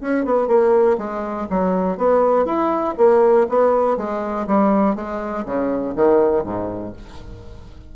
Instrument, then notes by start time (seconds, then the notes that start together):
bassoon
0.00 C#4
0.24 B3
0.47 A#3
0.97 G#3
1.49 F#3
1.97 B3
2.45 E4
2.97 A#3
3.48 B3
3.96 G#3
4.47 G3
4.95 G#3
5.45 C#3
5.95 D#3
6.43 G#2